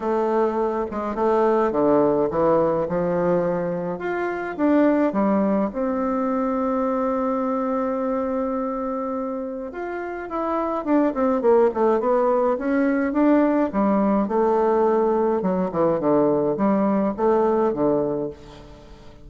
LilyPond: \new Staff \with { instrumentName = "bassoon" } { \time 4/4 \tempo 4 = 105 a4. gis8 a4 d4 | e4 f2 f'4 | d'4 g4 c'2~ | c'1~ |
c'4 f'4 e'4 d'8 c'8 | ais8 a8 b4 cis'4 d'4 | g4 a2 fis8 e8 | d4 g4 a4 d4 | }